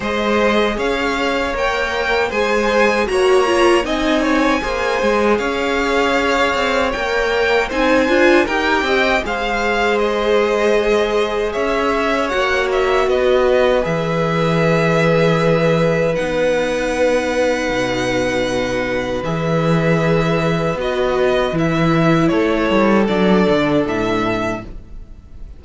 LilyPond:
<<
  \new Staff \with { instrumentName = "violin" } { \time 4/4 \tempo 4 = 78 dis''4 f''4 g''4 gis''4 | ais''4 gis''2 f''4~ | f''4 g''4 gis''4 g''4 | f''4 dis''2 e''4 |
fis''8 e''8 dis''4 e''2~ | e''4 fis''2.~ | fis''4 e''2 dis''4 | e''4 cis''4 d''4 e''4 | }
  \new Staff \with { instrumentName = "violin" } { \time 4/4 c''4 cis''2 c''4 | cis''4 dis''8 cis''8 c''4 cis''4~ | cis''2 c''4 ais'8 dis''8 | c''2. cis''4~ |
cis''4 b'2.~ | b'1~ | b'1~ | b'4 a'2. | }
  \new Staff \with { instrumentName = "viola" } { \time 4/4 gis'2 ais'4 gis'4 | fis'8 f'8 dis'4 gis'2~ | gis'4 ais'4 dis'8 f'8 g'4 | gis'1 |
fis'2 gis'2~ | gis'4 dis'2.~ | dis'4 gis'2 fis'4 | e'2 d'2 | }
  \new Staff \with { instrumentName = "cello" } { \time 4/4 gis4 cis'4 ais4 gis4 | ais4 c'4 ais8 gis8 cis'4~ | cis'8 c'8 ais4 c'8 d'8 dis'8 c'8 | gis2. cis'4 |
ais4 b4 e2~ | e4 b2 b,4~ | b,4 e2 b4 | e4 a8 g8 fis8 d8 a,4 | }
>>